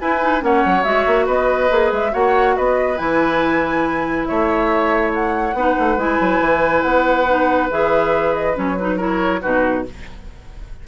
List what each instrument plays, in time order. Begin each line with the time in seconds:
0.00 clarinet E4, bassoon E4, oboe B4, flute G#5
0.21 clarinet D#4
0.40 bassoon A#3, clarinet C#4, oboe C#5, flute F#5
0.65 bassoon F#3
0.83 bassoon G#3, clarinet F#4, flute E5
1.07 bassoon A#3
1.26 bassoon B3, oboe B4, flute D#5
1.70 bassoon A#3, clarinet G#4
1.92 bassoon G#3, flute E5
2.11 bassoon A#3, clarinet F#4, oboe C#5, flute F#5
2.56 bassoon B3, oboe B4, flute D#5
2.97 bassoon E3, clarinet E4, flute G#5
4.25 bassoon A3, oboe C#5, flute E5
5.14 flute F#5
5.54 bassoon B3, clarinet D#4, oboe B4
5.79 bassoon A3
5.97 bassoon G#3, clarinet E4, flute G#5
6.20 bassoon F#3
6.40 bassoon E3
6.82 bassoon B3, flute F#5
7.28 clarinet D#4
7.71 bassoon E3, clarinet G#4, flute E5
8.34 flute D#5
8.54 bassoon F#3, clarinet C#4, flute C#5
8.78 clarinet D#4, flute B4
8.97 clarinet E4, oboe A#4, flute C#5
9.42 bassoon B2, clarinet D#4, oboe F#4, flute B4